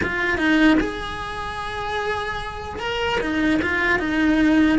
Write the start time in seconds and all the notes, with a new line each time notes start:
0.02 F4
0.37 D#4
0.80 G#4
2.79 A#4
3.20 D#4
3.62 F4
3.99 D#4